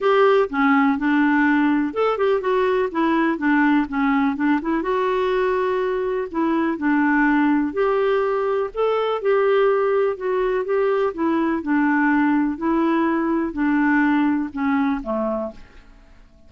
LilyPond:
\new Staff \with { instrumentName = "clarinet" } { \time 4/4 \tempo 4 = 124 g'4 cis'4 d'2 | a'8 g'8 fis'4 e'4 d'4 | cis'4 d'8 e'8 fis'2~ | fis'4 e'4 d'2 |
g'2 a'4 g'4~ | g'4 fis'4 g'4 e'4 | d'2 e'2 | d'2 cis'4 a4 | }